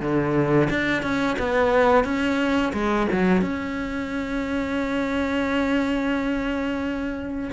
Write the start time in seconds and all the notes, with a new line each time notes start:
0.00 D3
0.69 D4
1.02 C#4
1.38 B3
2.04 C#4
2.72 G#3
3.12 F#3
3.41 C#4